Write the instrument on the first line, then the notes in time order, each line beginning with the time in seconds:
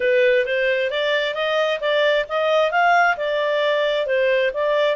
clarinet
0.00 B4
0.45 C5
0.90 D5
1.34 D#5
1.80 D5
2.29 D#5
2.71 F5
3.16 D5
4.06 C5
4.53 D5